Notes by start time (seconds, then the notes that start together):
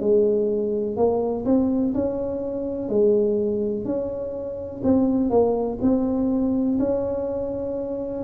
0.00 G#3
0.96 A#3
1.45 C4
1.94 C#4
2.89 G#3
3.85 C#4
4.84 C4
5.30 A#3
5.82 C4
6.79 C#4